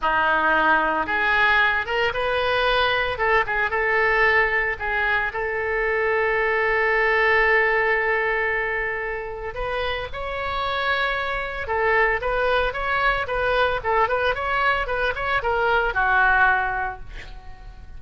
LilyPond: \new Staff \with { instrumentName = "oboe" } { \time 4/4 \tempo 4 = 113 dis'2 gis'4. ais'8 | b'2 a'8 gis'8 a'4~ | a'4 gis'4 a'2~ | a'1~ |
a'2 b'4 cis''4~ | cis''2 a'4 b'4 | cis''4 b'4 a'8 b'8 cis''4 | b'8 cis''8 ais'4 fis'2 | }